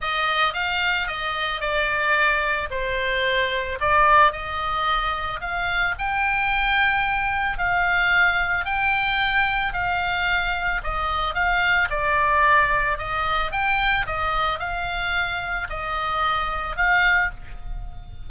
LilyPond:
\new Staff \with { instrumentName = "oboe" } { \time 4/4 \tempo 4 = 111 dis''4 f''4 dis''4 d''4~ | d''4 c''2 d''4 | dis''2 f''4 g''4~ | g''2 f''2 |
g''2 f''2 | dis''4 f''4 d''2 | dis''4 g''4 dis''4 f''4~ | f''4 dis''2 f''4 | }